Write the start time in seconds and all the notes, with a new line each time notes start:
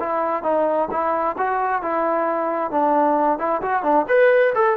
0.00 E4
0.43 D#4
0.91 E4
1.38 F#4
1.82 E4
2.71 D4
3.39 E4
3.62 F#4
3.83 D4
4.08 B4
4.55 A4